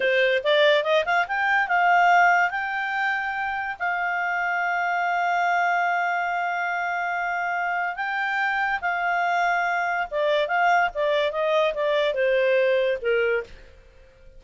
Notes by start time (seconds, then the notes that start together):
0.00 C5
0.43 D5
0.83 D#5
1.05 F5
1.27 G5
1.67 F5
2.50 G5
3.79 F5
7.96 G5
8.81 F5
10.10 D5
10.47 F5
10.94 D5
11.31 D#5
11.74 D5
12.14 C5
13.01 A#4